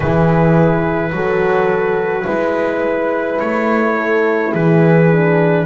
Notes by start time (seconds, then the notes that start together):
0.00 E3 E4 G#4 B4
1.12 F#3 F#4 A4
2.24 G#3 E4 B4
3.39 A3 C#5
3.96 A4
4.51 E3 G#4 B4
5.12 D4